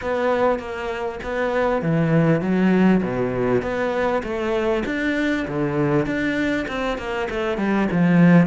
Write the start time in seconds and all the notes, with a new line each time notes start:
0.01 B3
0.59 A#3
1.23 B3
1.82 E3
2.41 F#3
3.03 B2
3.61 B3
4.23 A3
4.85 D4
5.47 D3
6.06 D4
6.68 C4
6.98 A#3
7.30 A3
7.57 G3
7.91 F3